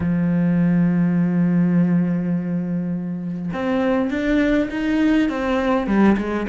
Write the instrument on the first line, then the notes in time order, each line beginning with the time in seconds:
cello
0.00 F3
3.53 C4
4.10 D4
4.70 D#4
5.29 C4
5.87 G3
6.17 G#3